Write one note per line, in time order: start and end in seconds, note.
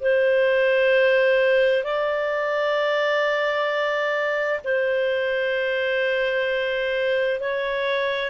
0.00 1.83 C5
1.83 4.60 D5
4.64 7.40 C5
7.40 8.30 C#5